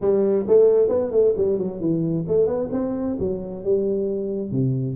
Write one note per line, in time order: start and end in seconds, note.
0.01 0.46 G3
0.47 0.88 A3
0.88 1.11 B3
1.11 1.33 A3
1.36 1.58 G3
1.58 1.80 F#3
1.80 2.25 E3
2.27 2.46 A3
2.46 2.69 B3
2.71 3.17 C4
3.19 3.64 F#3
3.64 4.51 G3
4.51 4.96 C3